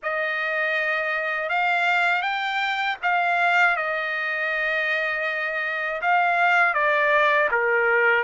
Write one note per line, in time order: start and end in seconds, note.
0.02 1.49 D#5
1.49 2.22 F5
2.22 2.97 G5
3.02 3.76 F5
3.76 6.01 D#5
6.01 6.73 F5
6.73 7.48 D5
7.51 8.23 A#4